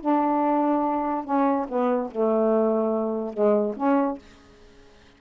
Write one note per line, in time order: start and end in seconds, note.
0.00 1.24 D4
1.24 1.66 C#4
1.68 2.10 B3
2.11 3.33 A3
3.33 3.75 G#3
3.76 4.18 C#4